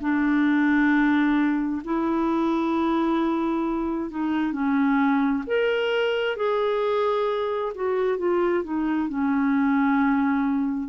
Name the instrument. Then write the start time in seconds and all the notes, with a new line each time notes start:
clarinet
0.00 D4
1.84 E4
4.10 D#4
4.52 C#4
5.47 A#4
6.36 G#4
7.75 F#4
8.18 F4
8.64 D#4
9.09 C#4